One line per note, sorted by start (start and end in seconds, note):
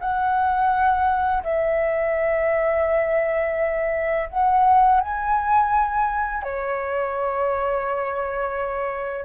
0.00 1.43 F#5
1.43 4.29 E5
4.29 5.00 F#5
5.00 6.43 G#5
6.43 9.25 C#5